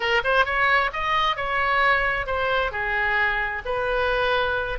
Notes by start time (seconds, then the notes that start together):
0.00 A#4
0.24 C5
0.45 C#5
0.93 D#5
1.36 C#5
2.26 C5
2.71 G#4
3.65 B4